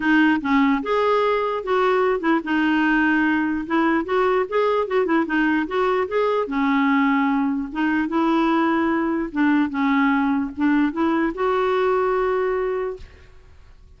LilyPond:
\new Staff \with { instrumentName = "clarinet" } { \time 4/4 \tempo 4 = 148 dis'4 cis'4 gis'2 | fis'4. e'8 dis'2~ | dis'4 e'4 fis'4 gis'4 | fis'8 e'8 dis'4 fis'4 gis'4 |
cis'2. dis'4 | e'2. d'4 | cis'2 d'4 e'4 | fis'1 | }